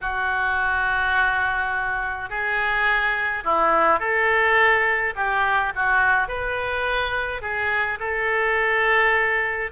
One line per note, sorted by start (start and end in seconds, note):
0.01 2.29 F#4
2.29 3.43 G#4
3.44 3.99 E4
3.99 5.14 A4
5.15 5.72 G4
5.75 6.28 F#4
6.28 7.41 B4
7.41 7.98 G#4
7.99 9.71 A4